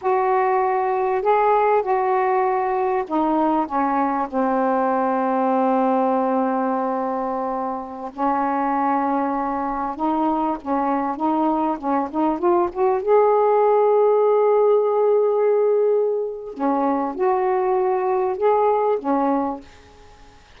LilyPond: \new Staff \with { instrumentName = "saxophone" } { \time 4/4 \tempo 4 = 98 fis'2 gis'4 fis'4~ | fis'4 dis'4 cis'4 c'4~ | c'1~ | c'4~ c'16 cis'2~ cis'8.~ |
cis'16 dis'4 cis'4 dis'4 cis'8 dis'16~ | dis'16 f'8 fis'8 gis'2~ gis'8.~ | gis'2. cis'4 | fis'2 gis'4 cis'4 | }